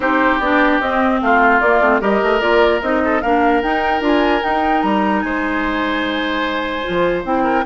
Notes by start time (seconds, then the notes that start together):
0.00 C4 D#4 G4 C5
0.39 B3 D4 D5
0.80 C4 D#5
1.21 A3 F4 F5
1.60 A#3 D5
1.80 A3 C4
2.00 G3 G4 A#4 D#5
2.22 A3
2.40 A#3 F4 D5
2.81 C4 D#4 D#5
3.04 A4
3.21 A#3 D4 A#4 F5
3.62 D#4 G5
4.01 D4 F4 G#5
4.43 D#4 G5
4.82 G3 A#5
5.21 G#3 C5 G#5
6.83 F3 F4
7.24 C4 E4 G5
7.43 A#4